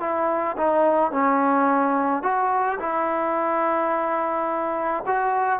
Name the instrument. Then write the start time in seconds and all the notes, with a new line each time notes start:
trombone
0.00 E4
0.57 D#4
1.11 C#4
2.23 F#4
2.79 E4
5.06 F#4